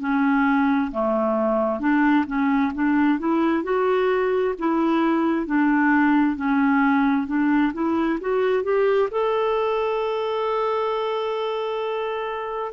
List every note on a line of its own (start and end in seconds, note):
0.00 0.91 C#4
0.91 1.80 A3
1.80 2.25 D4
2.26 2.72 C#4
2.74 3.19 D4
3.19 3.64 E4
3.64 4.55 F#4
4.58 5.46 E4
5.46 6.36 D4
6.36 7.27 C#4
7.27 7.73 D4
7.73 8.19 E4
8.21 8.63 F#4
8.63 9.09 G4
9.11 12.72 A4